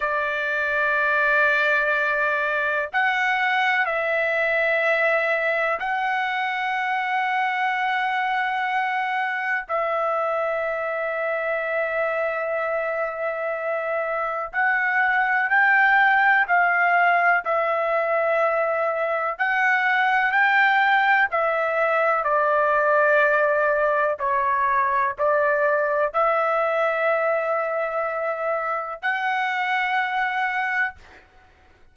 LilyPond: \new Staff \with { instrumentName = "trumpet" } { \time 4/4 \tempo 4 = 62 d''2. fis''4 | e''2 fis''2~ | fis''2 e''2~ | e''2. fis''4 |
g''4 f''4 e''2 | fis''4 g''4 e''4 d''4~ | d''4 cis''4 d''4 e''4~ | e''2 fis''2 | }